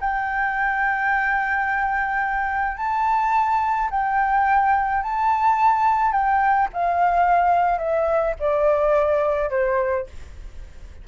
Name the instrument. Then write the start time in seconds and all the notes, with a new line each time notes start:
flute
0.00 G5
2.77 A5
3.90 G5
5.02 A5
6.12 G5
6.73 F5
7.78 E5
8.40 D5
9.50 C5